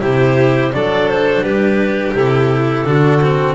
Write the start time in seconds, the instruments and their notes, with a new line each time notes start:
0.00 double bass C3, cello E4, violin G4, clarinet C5
0.73 double bass F#3, cello D4, violin A4, clarinet D5
1.09 clarinet C5
1.42 double bass G3, violin G4, clarinet B4
2.14 double bass C3, cello E4, clarinet A4
2.85 double bass D3, cello D4, violin F#4
3.22 cello C4